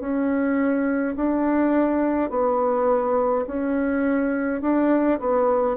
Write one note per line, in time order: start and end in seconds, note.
0.00 1.15 C#4
1.16 2.30 D4
2.30 3.46 B3
3.47 4.62 C#4
4.62 5.19 D4
5.20 5.77 B3